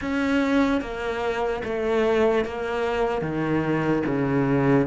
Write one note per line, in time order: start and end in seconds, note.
0.01 0.81 C#4
0.81 1.62 A#3
1.64 2.45 A3
2.45 3.21 A#3
3.21 4.02 D#3
4.05 4.86 C#3